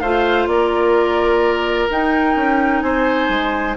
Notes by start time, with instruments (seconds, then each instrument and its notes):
0.00 bassoon A3, clarinet F4, oboe C5, flute F5
0.47 bassoon A#3, oboe A#4, flute D5
1.90 clarinet D#4, bassoon D#4, flute G5
2.36 bassoon C#4
2.81 bassoon C4, oboe C5, flute G#5
3.29 bassoon G#3